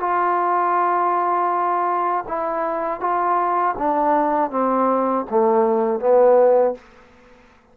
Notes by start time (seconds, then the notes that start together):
0.00 F4
2.28 E4
3.00 F4
3.78 D4
4.51 C4
5.30 A3
6.00 B3